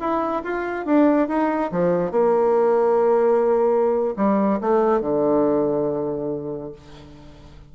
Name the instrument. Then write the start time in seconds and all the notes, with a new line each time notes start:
bassoon
0.00 E4
0.44 F4
0.86 D4
1.28 D#4
1.72 F3
2.11 A#3
4.17 G3
4.61 A3
5.01 D3